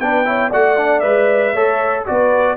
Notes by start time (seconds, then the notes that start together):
0.00 B3 D4 B4 G5
0.25 E4 C#5
0.50 A3 F#4 D5 F#5
0.77 D4
1.00 G#3 B4 E5
1.54 A3 A4 C#5
2.06 B3 F#4 B4 D5